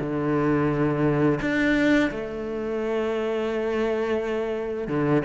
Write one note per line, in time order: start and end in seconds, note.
0.00 1.40 D3
1.41 2.11 D4
2.11 4.88 A3
4.88 5.23 D3